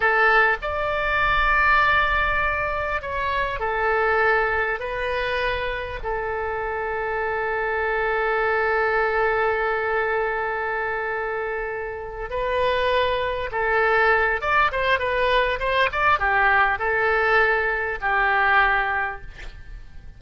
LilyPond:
\new Staff \with { instrumentName = "oboe" } { \time 4/4 \tempo 4 = 100 a'4 d''2.~ | d''4 cis''4 a'2 | b'2 a'2~ | a'1~ |
a'1~ | a'8 b'2 a'4. | d''8 c''8 b'4 c''8 d''8 g'4 | a'2 g'2 | }